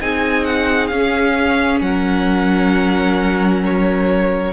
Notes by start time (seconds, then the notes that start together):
0.00 C4 D#4 G#4 G#5
0.45 F#5
0.87 C#4 F5
1.80 F#3 A#4 F#5
3.64 C#5